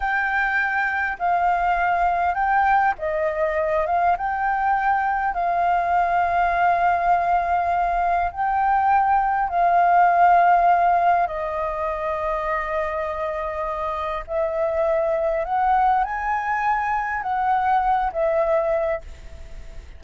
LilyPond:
\new Staff \with { instrumentName = "flute" } { \time 4/4 \tempo 4 = 101 g''2 f''2 | g''4 dis''4. f''8 g''4~ | g''4 f''2.~ | f''2 g''2 |
f''2. dis''4~ | dis''1 | e''2 fis''4 gis''4~ | gis''4 fis''4. e''4. | }